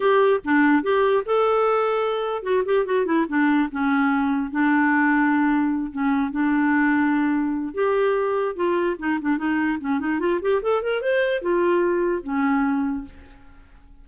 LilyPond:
\new Staff \with { instrumentName = "clarinet" } { \time 4/4 \tempo 4 = 147 g'4 d'4 g'4 a'4~ | a'2 fis'8 g'8 fis'8 e'8 | d'4 cis'2 d'4~ | d'2~ d'8 cis'4 d'8~ |
d'2. g'4~ | g'4 f'4 dis'8 d'8 dis'4 | cis'8 dis'8 f'8 g'8 a'8 ais'8 c''4 | f'2 cis'2 | }